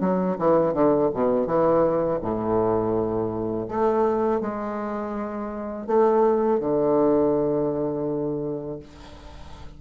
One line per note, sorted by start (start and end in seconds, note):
0.00 0.37 F#3
0.38 0.74 E3
0.74 1.10 D3
1.13 1.46 B2
1.46 2.20 E3
2.21 3.68 A2
3.69 4.41 A3
4.41 5.87 G#3
5.87 6.60 A3
6.60 8.79 D3